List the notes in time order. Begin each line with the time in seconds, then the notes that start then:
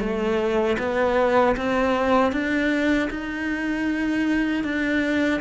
0.00 A3
0.79 B3
1.57 C4
2.32 D4
3.10 D#4
4.64 D4